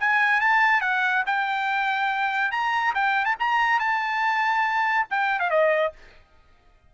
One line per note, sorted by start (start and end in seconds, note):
0.00 0.41 G#5
0.41 0.81 A5
0.81 1.24 F#5
1.26 2.51 G5
2.51 2.94 A#5
2.95 3.25 G5
3.25 3.36 A5
3.40 3.80 A#5
3.80 5.07 A5
5.10 5.39 G5
5.39 5.50 F5
5.50 5.93 D#5